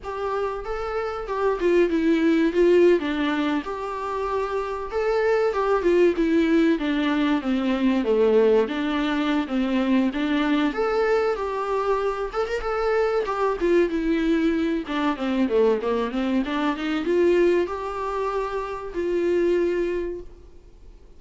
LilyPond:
\new Staff \with { instrumentName = "viola" } { \time 4/4 \tempo 4 = 95 g'4 a'4 g'8 f'8 e'4 | f'8. d'4 g'2 a'16~ | a'8. g'8 f'8 e'4 d'4 c'16~ | c'8. a4 d'4~ d'16 c'4 |
d'4 a'4 g'4. a'16 ais'16 | a'4 g'8 f'8 e'4. d'8 | c'8 a8 ais8 c'8 d'8 dis'8 f'4 | g'2 f'2 | }